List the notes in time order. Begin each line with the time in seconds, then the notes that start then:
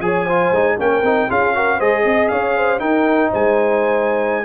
0.00 F3 G#4 C#5 G#5
0.24 F4 C5
0.51 G#3 D#4
0.78 A#3 C#4 A#4 G5
1.02 C4 D#4
1.29 C#4 F4 G#4 F5
1.54 F#4 A#4
1.76 G#3 G#4 C5 D#5
2.04 C4 D#5
2.28 C#4 C#5 F5
2.56 C5
2.79 D#4 A#4 G5
3.30 G#3 C5 G#5